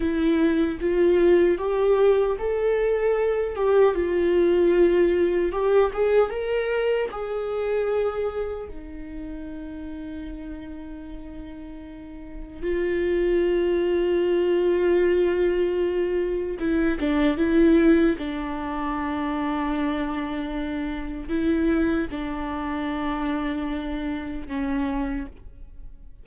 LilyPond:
\new Staff \with { instrumentName = "viola" } { \time 4/4 \tempo 4 = 76 e'4 f'4 g'4 a'4~ | a'8 g'8 f'2 g'8 gis'8 | ais'4 gis'2 dis'4~ | dis'1 |
f'1~ | f'4 e'8 d'8 e'4 d'4~ | d'2. e'4 | d'2. cis'4 | }